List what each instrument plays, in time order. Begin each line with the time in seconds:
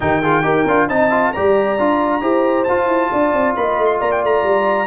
0.00 tuba D#3, trombone D#4, horn G4, trumpet G5
0.21 trombone F4, horn G#4
0.42 tuba D#4, trombone G4, horn A#4
0.67 tuba D4, trombone F4
0.88 tuba C4, trombone D#4, horn D#5, trumpet A5
1.10 trombone F4
1.33 tuba G3, trombone G4, horn D5, trumpet A#5
1.78 tuba D4, trombone F4
2.21 tuba E4, trombone G4, horn C5
2.64 trombone F4, tuba F4, trumpet A5
2.86 tuba E4
3.11 tuba D4, horn D5
3.32 tuba C4
3.55 tuba A#3, horn D#5, trumpet B5
3.77 tuba A3
3.86 trumpet C6
4.00 tuba A#3, horn D5, trumpet A#5
4.11 trumpet G5
4.23 tuba A3, trumpet A#5
4.43 tuba G3